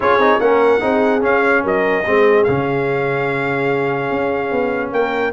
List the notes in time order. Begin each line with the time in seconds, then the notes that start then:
0.00 C#4 F4 G#4 C#5
0.17 C4 D#4
0.39 A#3 C#4 A#4 F#5
0.80 C4 D#4 G#4
1.20 C#4 F5
1.63 F#3 A#4 D#5
2.06 G#3 C4 G#4
2.43 C#3 C#4 F5
4.10 C#4
4.51 B3
4.92 A#3 A#4 G5